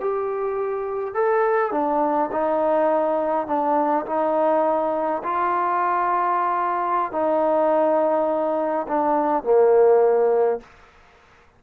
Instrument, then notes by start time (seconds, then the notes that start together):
trombone
0.00 G4
1.14 A4
1.72 D4
2.32 D#4
3.47 D4
4.06 D#4
5.23 F4
7.12 D#4
8.88 D4
9.43 A#3